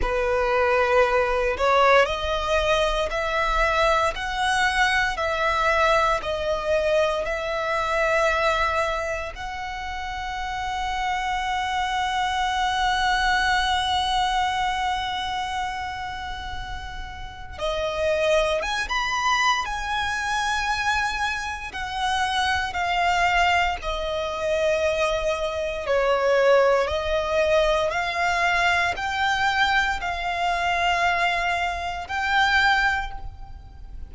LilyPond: \new Staff \with { instrumentName = "violin" } { \time 4/4 \tempo 4 = 58 b'4. cis''8 dis''4 e''4 | fis''4 e''4 dis''4 e''4~ | e''4 fis''2.~ | fis''1~ |
fis''4 dis''4 gis''16 b''8. gis''4~ | gis''4 fis''4 f''4 dis''4~ | dis''4 cis''4 dis''4 f''4 | g''4 f''2 g''4 | }